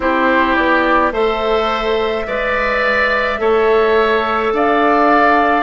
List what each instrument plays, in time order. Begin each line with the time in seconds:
0.00 bassoon C4, clarinet E4, oboe G4, flute C5
0.55 bassoon B3, flute D5
1.12 bassoon A3, clarinet A4, oboe C5, flute E5
2.26 bassoon G#3, clarinet B4, oboe D5
3.38 bassoon A3, clarinet A4, oboe C#5
4.52 bassoon D4, oboe D5, flute F5